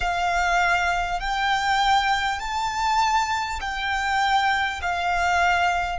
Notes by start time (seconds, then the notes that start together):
0.00 F5
1.19 G5
2.39 A5
3.60 G5
4.81 F5